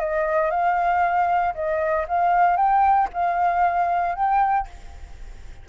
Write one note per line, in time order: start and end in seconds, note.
0.00 0.51 D#5
0.51 1.54 F5
1.55 2.06 D#5
2.09 2.57 F5
2.57 3.08 G5
3.14 4.16 F5
4.16 4.67 G5